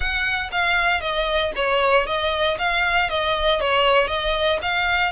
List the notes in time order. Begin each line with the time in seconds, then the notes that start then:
0.00 F#5
0.51 F5
1.00 D#5
1.55 C#5
2.06 D#5
2.58 F5
3.09 D#5
3.60 C#5
4.07 D#5
4.62 F5